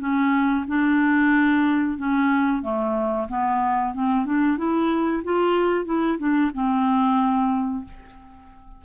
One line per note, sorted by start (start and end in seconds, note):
0.00 0.65 C#4
0.68 1.98 D4
1.98 2.62 C#4
2.62 3.28 A3
3.29 3.94 B3
3.94 4.26 C4
4.26 4.58 D4
4.58 5.23 E4
5.24 5.85 F4
5.85 6.18 E4
6.19 6.51 D4
6.54 7.85 C4